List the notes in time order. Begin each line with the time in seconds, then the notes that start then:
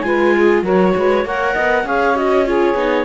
0.00 G#3 F4 B4 G#5
0.34 G#4
0.62 F#3 F#4 A#4 C#5
0.96 G#3 B4
1.24 A#3 A#4 C#5 F#5
1.53 B3 D#5
1.83 C#4 G#4 C#5 F5
2.15 F#4 D#5
2.45 F4 G#4 C#5
2.74 B3 D#4